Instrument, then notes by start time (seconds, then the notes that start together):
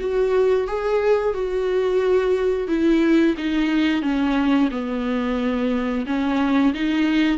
viola
0.00 F#4
0.67 G#4
1.34 F#4
2.68 E4
3.37 D#4
4.02 C#4
4.71 B3
6.06 C#4
6.74 D#4